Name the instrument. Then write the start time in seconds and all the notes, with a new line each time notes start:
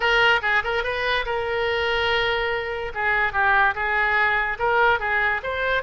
oboe
0.00 A#4
0.42 G#4
0.64 A#4
0.83 B4
1.25 A#4
2.94 G#4
3.32 G4
3.74 G#4
4.59 A#4
4.99 G#4
5.43 C5